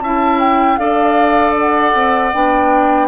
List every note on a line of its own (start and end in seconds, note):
0.00 0.77 C#4
0.00 0.78 E4
0.00 0.79 E5
0.00 0.39 A5
0.39 0.77 G5
0.77 1.93 D4
0.77 2.32 A4
0.77 3.08 D5
0.77 1.54 F5
1.59 2.32 F#5
1.94 2.32 C4
2.32 3.08 B3
2.32 3.08 D4
2.32 3.08 G5